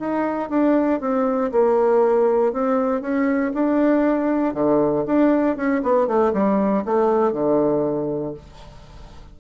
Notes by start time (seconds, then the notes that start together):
0.00 D#4
0.50 D4
1.01 C4
1.52 A#3
2.53 C4
3.02 C#4
3.55 D4
4.55 D3
5.06 D4
5.57 C#4
5.83 B3
6.08 A3
6.34 G3
6.86 A3
7.33 D3